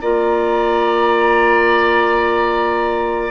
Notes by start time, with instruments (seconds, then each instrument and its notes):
0.00 bassoon A#3, clarinet F4, oboe D5, flute A#5